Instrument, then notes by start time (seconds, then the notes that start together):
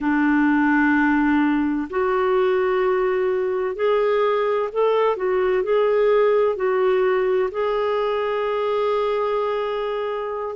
clarinet
0.00 D4
1.90 F#4
3.75 G#4
4.72 A4
5.16 F#4
5.62 G#4
6.55 F#4
7.51 G#4